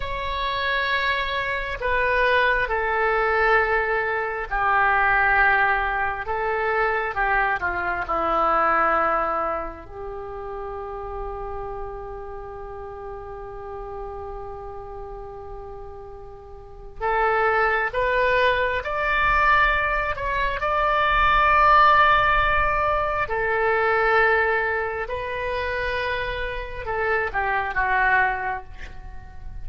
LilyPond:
\new Staff \with { instrumentName = "oboe" } { \time 4/4 \tempo 4 = 67 cis''2 b'4 a'4~ | a'4 g'2 a'4 | g'8 f'8 e'2 g'4~ | g'1~ |
g'2. a'4 | b'4 d''4. cis''8 d''4~ | d''2 a'2 | b'2 a'8 g'8 fis'4 | }